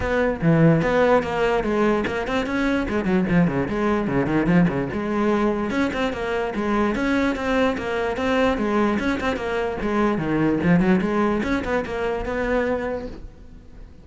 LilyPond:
\new Staff \with { instrumentName = "cello" } { \time 4/4 \tempo 4 = 147 b4 e4 b4 ais4 | gis4 ais8 c'8 cis'4 gis8 fis8 | f8 cis8 gis4 cis8 dis8 f8 cis8 | gis2 cis'8 c'8 ais4 |
gis4 cis'4 c'4 ais4 | c'4 gis4 cis'8 c'8 ais4 | gis4 dis4 f8 fis8 gis4 | cis'8 b8 ais4 b2 | }